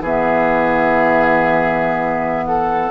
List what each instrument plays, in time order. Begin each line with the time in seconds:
0.00 bassoon E3, clarinet B3, oboe G#4, flute E5
2.46 oboe A4, flute F#5